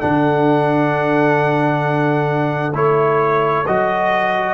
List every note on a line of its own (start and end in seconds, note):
0.00 2.74 D3
0.00 2.73 D4
0.00 4.53 A4
0.00 2.73 F#5
2.74 3.65 A3
2.74 3.65 E4
2.74 3.66 C#5
3.66 4.53 F#3
3.66 4.53 F#4
3.66 4.53 D#5